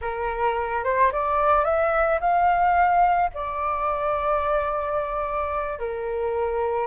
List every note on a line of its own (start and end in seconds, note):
0.01 0.84 A#4
0.84 1.11 C5
1.12 1.64 D5
1.64 2.19 E5
2.20 3.30 F5
3.34 5.79 D5
5.79 6.87 A#4